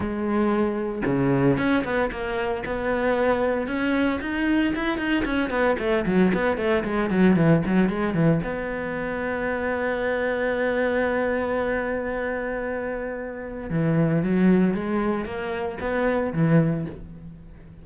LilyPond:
\new Staff \with { instrumentName = "cello" } { \time 4/4 \tempo 4 = 114 gis2 cis4 cis'8 b8 | ais4 b2 cis'4 | dis'4 e'8 dis'8 cis'8 b8 a8 fis8 | b8 a8 gis8 fis8 e8 fis8 gis8 e8 |
b1~ | b1~ | b2 e4 fis4 | gis4 ais4 b4 e4 | }